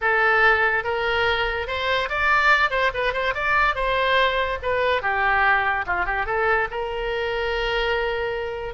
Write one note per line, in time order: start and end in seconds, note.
0.01 0.84 A4
0.84 1.67 A#4
1.67 2.09 C5
2.09 2.70 D5
2.70 2.91 C5
2.94 3.13 B4
3.13 3.34 C5
3.34 3.75 D5
3.75 4.58 C5
4.62 5.02 B4
5.02 5.85 G4
5.86 6.05 F4
6.05 6.26 G4
6.26 6.67 A4
6.70 8.74 A#4